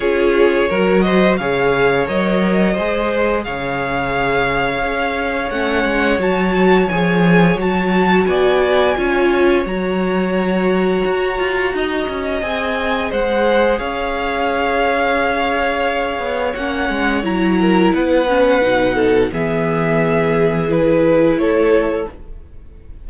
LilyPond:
<<
  \new Staff \with { instrumentName = "violin" } { \time 4/4 \tempo 4 = 87 cis''4. dis''8 f''4 dis''4~ | dis''4 f''2. | fis''4 a''4 gis''4 a''4 | gis''2 ais''2~ |
ais''2 gis''4 fis''4 | f''1 | fis''4 ais''4 fis''2 | e''2 b'4 cis''4 | }
  \new Staff \with { instrumentName = "violin" } { \time 4/4 gis'4 ais'8 c''8 cis''2 | c''4 cis''2.~ | cis''1 | d''4 cis''2.~ |
cis''4 dis''2 c''4 | cis''1~ | cis''4. ais'8 b'4. a'8 | gis'2. a'4 | }
  \new Staff \with { instrumentName = "viola" } { \time 4/4 f'4 fis'4 gis'4 ais'4 | gis'1 | cis'4 fis'4 gis'4 fis'4~ | fis'4 f'4 fis'2~ |
fis'2 gis'2~ | gis'1 | cis'4 e'4. cis'8 dis'4 | b2 e'2 | }
  \new Staff \with { instrumentName = "cello" } { \time 4/4 cis'4 fis4 cis4 fis4 | gis4 cis2 cis'4 | a8 gis8 fis4 f4 fis4 | b4 cis'4 fis2 |
fis'8 f'8 dis'8 cis'8 c'4 gis4 | cis'2.~ cis'8 b8 | ais8 gis8 fis4 b4 b,4 | e2. a4 | }
>>